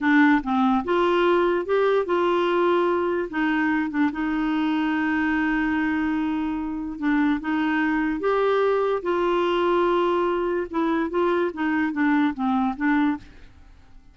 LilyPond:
\new Staff \with { instrumentName = "clarinet" } { \time 4/4 \tempo 4 = 146 d'4 c'4 f'2 | g'4 f'2. | dis'4. d'8 dis'2~ | dis'1~ |
dis'4 d'4 dis'2 | g'2 f'2~ | f'2 e'4 f'4 | dis'4 d'4 c'4 d'4 | }